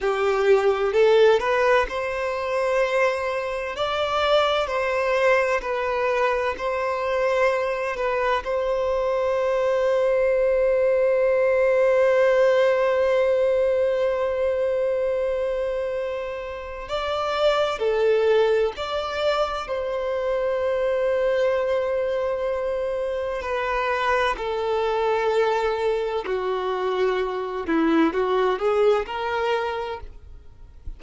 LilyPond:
\new Staff \with { instrumentName = "violin" } { \time 4/4 \tempo 4 = 64 g'4 a'8 b'8 c''2 | d''4 c''4 b'4 c''4~ | c''8 b'8 c''2.~ | c''1~ |
c''2 d''4 a'4 | d''4 c''2.~ | c''4 b'4 a'2 | fis'4. e'8 fis'8 gis'8 ais'4 | }